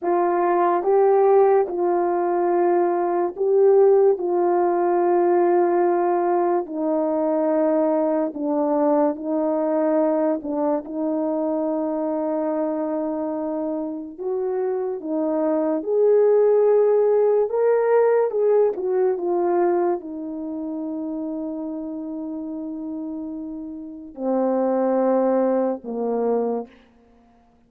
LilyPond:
\new Staff \with { instrumentName = "horn" } { \time 4/4 \tempo 4 = 72 f'4 g'4 f'2 | g'4 f'2. | dis'2 d'4 dis'4~ | dis'8 d'8 dis'2.~ |
dis'4 fis'4 dis'4 gis'4~ | gis'4 ais'4 gis'8 fis'8 f'4 | dis'1~ | dis'4 c'2 ais4 | }